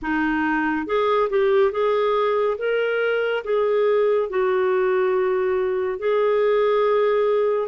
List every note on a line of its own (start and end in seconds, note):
0.02 0.86 D#4
0.86 1.29 G#4
1.29 1.71 G4
1.71 2.57 G#4
2.58 3.43 A#4
3.44 4.29 G#4
4.29 5.98 F#4
5.98 7.68 G#4